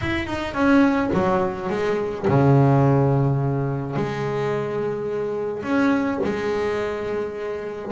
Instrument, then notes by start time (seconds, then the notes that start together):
double bass
0.01 E4
0.27 D#4
0.54 C#4
1.13 F#3
1.69 G#3
2.27 C#3
3.96 G#3
5.63 C#4
6.23 G#3